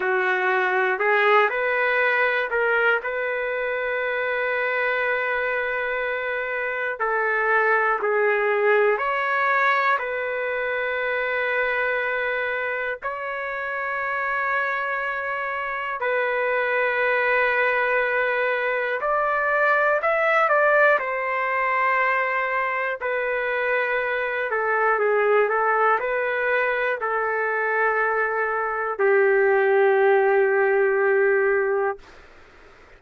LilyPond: \new Staff \with { instrumentName = "trumpet" } { \time 4/4 \tempo 4 = 60 fis'4 gis'8 b'4 ais'8 b'4~ | b'2. a'4 | gis'4 cis''4 b'2~ | b'4 cis''2. |
b'2. d''4 | e''8 d''8 c''2 b'4~ | b'8 a'8 gis'8 a'8 b'4 a'4~ | a'4 g'2. | }